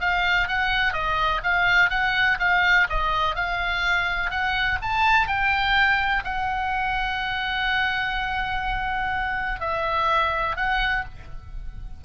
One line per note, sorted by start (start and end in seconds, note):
0.00 0.48 F5
0.48 0.93 F#5
0.93 1.41 D#5
1.43 1.90 F5
1.90 2.38 F#5
2.39 2.87 F5
2.90 3.36 D#5
3.36 4.30 F5
4.30 4.78 F#5
4.82 5.28 A5
5.28 6.24 G5
6.24 9.60 F#5
9.60 10.56 E5
10.56 11.04 F#5